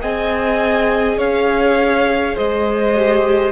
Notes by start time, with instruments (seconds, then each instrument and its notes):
0.00 cello C4, viola G#4, violin D#5 G#5
1.18 cello C#4, violin C#5 F5
2.35 cello G#3, violin C5 D#5
2.95 viola G4